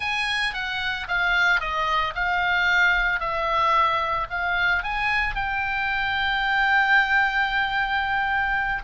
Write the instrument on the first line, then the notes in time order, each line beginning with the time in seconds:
oboe
0.00 G#5
0.53 F#5
1.08 F5
1.60 D#5
2.15 F5
3.20 E5
4.30 F5
4.83 G#5
5.35 G5